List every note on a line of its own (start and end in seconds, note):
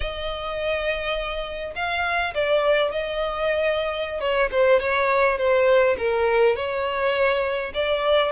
0.00 1.73 D#5
1.75 2.34 F5
2.34 2.91 D5
2.91 4.20 D#5
4.20 4.49 C#5
4.51 4.80 C5
4.80 5.38 C#5
5.38 5.96 C5
5.98 6.55 A#4
6.55 7.72 C#5
7.73 8.31 D5